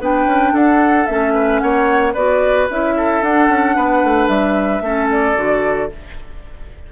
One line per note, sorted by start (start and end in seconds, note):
0.00 0.26 B3
0.00 1.07 D4
0.00 0.53 B4
0.00 0.56 G5
0.26 0.53 C#4
0.53 1.07 D4
0.53 1.34 A4
0.53 1.06 F#5
1.06 1.62 A3
1.06 2.15 C#4
1.06 1.59 E5
1.34 1.61 B4
1.59 2.15 A#3
1.59 2.14 C#5
1.59 2.13 F#5
2.14 2.69 B3
2.14 2.69 F#4
2.14 2.94 B4
2.14 2.68 D5
2.70 3.22 C#4
2.70 3.24 E4
2.70 3.23 E5
2.97 3.76 A4
3.22 3.49 D4
3.22 4.83 D4
3.22 4.28 F#5
3.49 3.76 C#4
3.76 4.04 B3
3.76 4.83 B4
4.04 4.28 A3
4.28 4.81 G3
4.28 5.08 E5
4.81 5.35 A3
4.81 5.36 C#4
4.81 5.91 A4
5.11 5.92 D5
5.36 5.90 D3
5.36 5.89 F#4